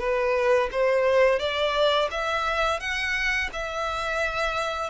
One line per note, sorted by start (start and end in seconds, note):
0.00 0.70 B4
0.72 1.40 C5
1.40 2.09 D5
2.11 2.80 E5
2.80 3.50 F#5
3.53 4.91 E5